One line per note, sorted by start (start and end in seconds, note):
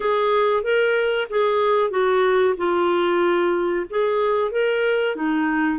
0.00 0.63 G#4
0.63 1.27 A#4
1.30 1.90 G#4
1.90 2.55 F#4
2.57 3.86 F4
3.90 4.51 G#4
4.51 5.15 A#4
5.15 5.79 D#4